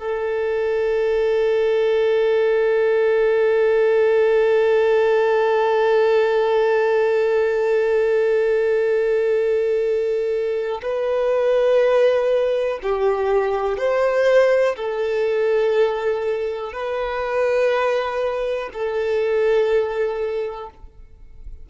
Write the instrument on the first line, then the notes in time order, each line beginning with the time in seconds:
violin
0.00 A4
10.82 B4
12.83 G4
13.78 C5
14.77 A4
16.73 B4
18.73 A4